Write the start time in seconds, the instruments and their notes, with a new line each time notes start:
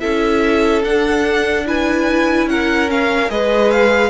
0.00 cello C#4, viola E4, violin A4 E5
0.84 cello D4, viola D4, violin F#5
1.66 viola E4, violin B4 G#5
2.46 cello C#4, violin A#4 F#5
2.89 viola C#4, violin F5
3.29 cello G#3, viola G#4, violin B4 D#5
3.71 violin F5